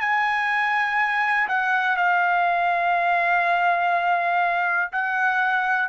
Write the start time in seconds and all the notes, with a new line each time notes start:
0.00 G#5
1.48 F#5
1.97 F5
4.92 F#5